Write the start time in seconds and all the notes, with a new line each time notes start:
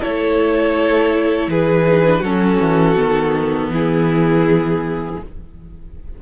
0.00 A3 E4 A4 C#5
1.47 E3 G#4 B4
1.86 D#4
2.05 D4
2.20 F#3 C#4 F#4 A4
2.60 E3
2.96 D#3 B3
3.68 E3 E4
3.74 G#4